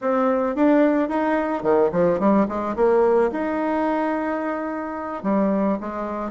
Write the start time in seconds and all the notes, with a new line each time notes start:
0.01 C4
0.55 D4
1.08 D#4
1.62 D#3
1.92 F3
2.19 G3
2.48 G#3
2.75 A#3
3.31 D#4
5.23 G3
5.80 G#3